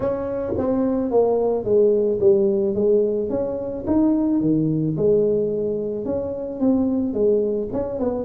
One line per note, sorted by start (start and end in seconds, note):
0.00 0.53 C#4
0.57 1.10 C4
1.10 1.64 A#3
1.64 2.19 G#3
2.20 2.74 G3
2.74 3.29 G#3
3.29 3.84 C#4
3.87 4.40 D#4
4.40 4.95 D#3
4.96 6.05 G#3
6.05 6.59 C#4
6.59 7.13 C4
7.13 7.68 G#3
7.72 7.99 C#4
7.99 8.24 B3